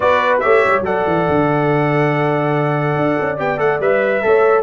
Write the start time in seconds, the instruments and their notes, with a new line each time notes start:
0.00 tuba B3, trombone F#4, horn B4, trumpet D5
0.39 tuba A3, trombone G4, horn C#5, trumpet E5
0.66 tuba G3
0.81 tuba F#3, trombone A4, horn D5, trumpet F#5
1.06 tuba E3
1.28 tuba D3
2.96 tuba D4
3.20 tuba C#4
3.37 tuba B3, trombone G4, trumpet G5
3.57 tuba A3, trombone A4, trumpet F#5
3.79 tuba G3, trombone B4, trumpet E5
4.22 tuba A3, trombone A4, horn C#5